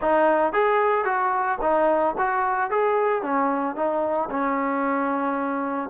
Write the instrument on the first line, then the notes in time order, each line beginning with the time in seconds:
trombone
0.01 D#4
0.52 G#4
1.04 F#4
1.61 D#4
2.17 F#4
2.70 G#4
3.22 C#4
3.75 D#4
4.30 C#4